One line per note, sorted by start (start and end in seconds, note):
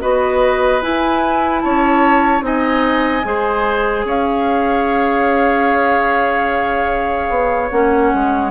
0.00 0.82 B3
0.00 0.81 F#4
0.00 1.63 B4
0.00 0.82 D#5
0.81 2.41 E4
0.81 1.63 E4
0.81 1.60 G#5
1.60 2.41 C#4
1.60 2.45 C#5
1.60 2.42 A5
2.41 3.22 C4
2.41 3.22 D#4
2.41 3.26 D#5
2.41 4.06 G#5
3.23 4.04 G#3
3.23 7.69 G#4
3.23 4.06 C5
4.04 7.28 C#4
4.04 8.51 C#5
4.04 7.70 F5
7.29 7.70 B3
7.70 8.12 A#3
7.70 8.51 C#4
7.70 8.51 F#5
8.14 8.51 G#3